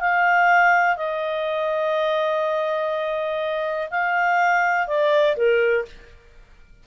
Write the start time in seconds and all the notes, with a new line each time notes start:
0.00 F5
0.97 D#5
3.91 F5
4.88 D5
5.37 A#4